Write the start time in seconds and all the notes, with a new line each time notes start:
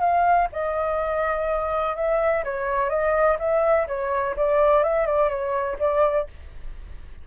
0.00 F5
0.52 D#5
1.96 E5
2.44 C#5
2.89 D#5
3.39 E5
3.88 C#5
4.36 D5
4.83 E5
5.06 D5
5.29 C#5
5.79 D5